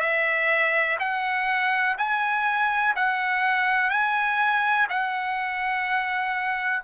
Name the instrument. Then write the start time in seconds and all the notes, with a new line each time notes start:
trumpet
0.00 E5
0.99 F#5
1.98 G#5
2.96 F#5
3.90 G#5
4.89 F#5